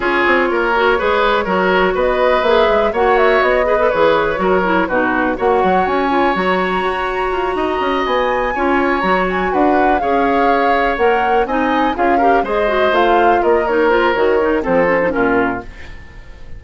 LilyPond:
<<
  \new Staff \with { instrumentName = "flute" } { \time 4/4 \tempo 4 = 123 cis''1 | dis''4 e''4 fis''8 e''8 dis''4 | cis''2 b'4 fis''4 | gis''4 ais''2.~ |
ais''8 gis''2 ais''8 gis''8 fis''8~ | fis''8 f''2 fis''4 gis''8~ | gis''8 f''4 dis''4 f''4 dis''8 | cis''8 c''8 cis''4 c''4 ais'4 | }
  \new Staff \with { instrumentName = "oboe" } { \time 4/4 gis'4 ais'4 b'4 ais'4 | b'2 cis''4. b'8~ | b'4 ais'4 fis'4 cis''4~ | cis''2.~ cis''8 dis''8~ |
dis''4. cis''2 b'8~ | b'8 cis''2. dis''8~ | dis''8 gis'8 ais'8 c''2 ais'8~ | ais'2 a'4 f'4 | }
  \new Staff \with { instrumentName = "clarinet" } { \time 4/4 f'4. fis'8 gis'4 fis'4~ | fis'4 gis'4 fis'4. gis'16 a'16 | gis'4 fis'8 e'8 dis'4 fis'4~ | fis'8 f'8 fis'2.~ |
fis'4. f'4 fis'4.~ | fis'8 gis'2 ais'4 dis'8~ | dis'8 f'8 g'8 gis'8 fis'8 f'4. | dis'8 f'8 fis'8 dis'8 c'8 cis'16 dis'16 cis'4 | }
  \new Staff \with { instrumentName = "bassoon" } { \time 4/4 cis'8 c'8 ais4 gis4 fis4 | b4 ais8 gis8 ais4 b4 | e4 fis4 b,4 ais8 fis8 | cis'4 fis4 fis'4 f'8 dis'8 |
cis'8 b4 cis'4 fis4 d'8~ | d'8 cis'2 ais4 c'8~ | c'8 cis'4 gis4 a4 ais8~ | ais4 dis4 f4 ais,4 | }
>>